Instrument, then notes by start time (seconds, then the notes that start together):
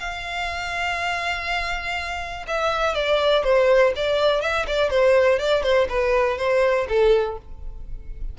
violin
0.00 F5
2.47 E5
2.95 D5
3.44 C5
3.96 D5
4.42 E5
4.67 D5
4.90 C5
5.39 D5
5.63 C5
5.89 B4
6.38 C5
6.89 A4